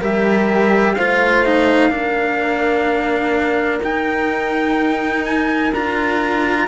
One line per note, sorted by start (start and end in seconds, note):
0.00 0.97 G3
0.00 0.96 G4
0.00 0.95 A#4
0.00 0.95 E5
0.95 1.92 A3
0.95 1.46 F4
0.95 1.92 C5
0.95 3.80 F5
1.46 1.91 D#4
1.91 3.81 A#3
1.91 3.81 D4
1.91 6.68 A#4
3.81 5.71 D#4
3.81 5.74 D#4
3.81 5.25 G5
5.25 5.73 G#5
5.73 6.68 D4
5.73 6.68 F4
5.73 6.68 A#5